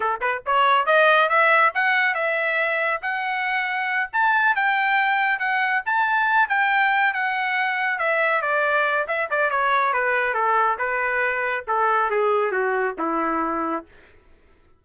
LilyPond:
\new Staff \with { instrumentName = "trumpet" } { \time 4/4 \tempo 4 = 139 a'8 b'8 cis''4 dis''4 e''4 | fis''4 e''2 fis''4~ | fis''4. a''4 g''4.~ | g''8 fis''4 a''4. g''4~ |
g''8 fis''2 e''4 d''8~ | d''4 e''8 d''8 cis''4 b'4 | a'4 b'2 a'4 | gis'4 fis'4 e'2 | }